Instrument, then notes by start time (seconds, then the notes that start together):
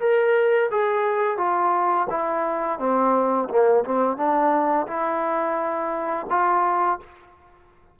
trombone
0.00 A#4
0.71 G#4
1.38 F4
2.10 E4
2.79 C4
3.49 A#3
3.84 C4
4.17 D4
4.87 E4
6.30 F4